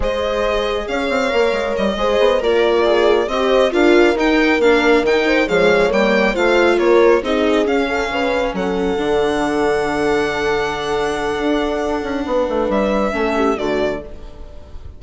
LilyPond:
<<
  \new Staff \with { instrumentName = "violin" } { \time 4/4 \tempo 4 = 137 dis''2 f''2 | dis''4. d''2 dis''8~ | dis''8 f''4 g''4 f''4 g''8~ | g''8 f''4 g''4 f''4 cis''8~ |
cis''8 dis''4 f''2 fis''8~ | fis''1~ | fis''1~ | fis''4 e''2 d''4 | }
  \new Staff \with { instrumentName = "horn" } { \time 4/4 c''2 cis''2~ | cis''8 c''4 f'2 c''8~ | c''8 ais'2.~ ais'8 | c''8 cis''2 c''4 ais'8~ |
ais'8 gis'4. a'8 b'4 a'8~ | a'1~ | a'1 | b'2 a'8 g'8 fis'4 | }
  \new Staff \with { instrumentName = "viola" } { \time 4/4 gis'2. ais'4~ | ais'8 gis'4 ais'4 gis'4 g'8~ | g'8 f'4 dis'4 d'4 dis'8~ | dis'8 gis4 ais4 f'4.~ |
f'8 dis'4 cis'2~ cis'8~ | cis'8 d'2.~ d'8~ | d'1~ | d'2 cis'4 a4 | }
  \new Staff \with { instrumentName = "bassoon" } { \time 4/4 gis2 cis'8 c'8 ais8 gis8 | g8 gis8 b8 ais2 c'8~ | c'8 d'4 dis'4 ais4 dis8~ | dis8 f4 g4 a4 ais8~ |
ais8 c'4 cis'4 cis4 fis8~ | fis8 d2.~ d8~ | d2 d'4. cis'8 | b8 a8 g4 a4 d4 | }
>>